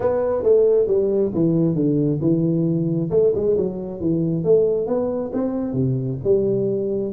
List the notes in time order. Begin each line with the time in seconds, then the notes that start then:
0.00 B3
0.43 A3
0.87 G3
1.34 E3
1.75 D3
2.21 E3
3.10 A3
3.34 G#3
3.57 F#3
4.00 E3
4.44 A3
4.86 B3
5.33 C4
5.73 C3
6.24 G3